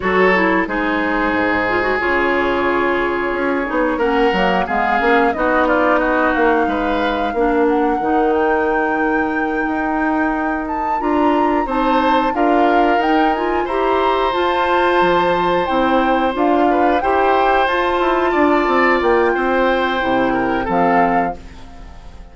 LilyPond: <<
  \new Staff \with { instrumentName = "flute" } { \time 4/4 \tempo 4 = 90 cis''4 c''2 cis''4~ | cis''2 fis''4 f''4 | dis''8 d''8 dis''8 f''2 fis''8~ | fis''8 g''2.~ g''8 |
a''8 ais''4 a''4 f''4 g''8 | gis''8 ais''4 a''2 g''8~ | g''8 f''4 g''4 a''4.~ | a''8 g''2~ g''8 f''4 | }
  \new Staff \with { instrumentName = "oboe" } { \time 4/4 a'4 gis'2.~ | gis'2 ais'4 gis'4 | fis'8 f'8 fis'4 b'4 ais'4~ | ais'1~ |
ais'4. c''4 ais'4.~ | ais'8 c''2.~ c''8~ | c''4 b'8 c''2 d''8~ | d''4 c''4. ais'8 a'4 | }
  \new Staff \with { instrumentName = "clarinet" } { \time 4/4 fis'8 e'8 dis'4. f'16 fis'16 f'4~ | f'4. dis'8 cis'8 ais8 b8 cis'8 | dis'2. d'4 | dis'1~ |
dis'8 f'4 dis'4 f'4 dis'8 | f'8 g'4 f'2 e'8~ | e'8 f'4 g'4 f'4.~ | f'2 e'4 c'4 | }
  \new Staff \with { instrumentName = "bassoon" } { \time 4/4 fis4 gis4 gis,4 cis4~ | cis4 cis'8 b8 ais8 fis8 gis8 ais8 | b4. ais8 gis4 ais4 | dis2~ dis8 dis'4.~ |
dis'8 d'4 c'4 d'4 dis'8~ | dis'8 e'4 f'4 f4 c'8~ | c'8 d'4 e'4 f'8 e'8 d'8 | c'8 ais8 c'4 c4 f4 | }
>>